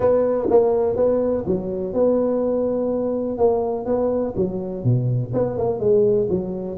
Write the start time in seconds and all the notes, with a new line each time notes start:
0.00 B3
0.49 A#3
0.95 B3
1.46 F#3
1.93 B3
3.38 A#3
3.85 B3
4.36 F#3
4.84 B2
5.33 B3
5.57 A#3
5.79 G#3
6.29 F#3